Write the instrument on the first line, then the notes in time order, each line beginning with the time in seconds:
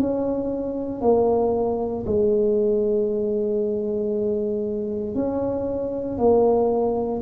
tuba
0.00 C#4
1.02 A#3
2.07 G#3
5.15 C#4
6.18 A#3